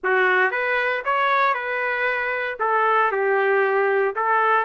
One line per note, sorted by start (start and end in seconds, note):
0.03 0.51 F#4
0.51 1.02 B4
1.04 1.54 C#5
1.54 2.57 B4
2.59 3.11 A4
3.11 4.14 G4
4.15 4.65 A4